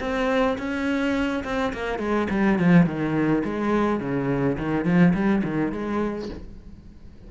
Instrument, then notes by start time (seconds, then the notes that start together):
cello
0.00 C4
0.58 C#4
1.44 C4
1.73 A#3
1.99 G#3
2.30 G3
2.59 F3
2.86 D#3
3.45 G#3
4.00 C#3
4.58 D#3
4.85 F3
5.14 G3
5.44 D#3
5.72 G#3